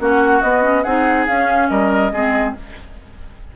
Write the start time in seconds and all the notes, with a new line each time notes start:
0.00 A#3 C#4 F#4 F#5
0.42 B3 D#5
0.62 C#4
0.83 C4 D#4 G#4 F#5
1.27 C#4 F5
1.69 G3 A#4 D#5
2.12 G#3 C4 G#4